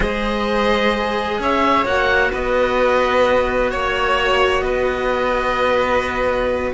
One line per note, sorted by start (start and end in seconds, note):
0.00 1.39 G#3
0.00 1.85 G#4
0.00 1.39 C5
0.00 1.41 D#5
1.39 1.85 C#4
1.39 2.31 C#5
1.39 1.85 E5
1.85 2.31 A#3
1.85 6.74 F#4
1.85 2.32 F#5
2.31 3.72 B3
2.31 3.70 B4
2.31 3.71 D#5
3.70 4.62 A#3
3.70 4.63 C#5
3.70 4.60 C#5
4.60 6.71 B3
4.60 6.73 B4
4.60 6.69 D#5